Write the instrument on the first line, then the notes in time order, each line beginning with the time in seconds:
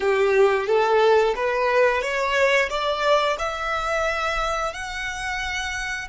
violin
0.00 G4
0.66 A4
1.35 B4
2.01 C#5
2.69 D5
3.39 E5
4.73 F#5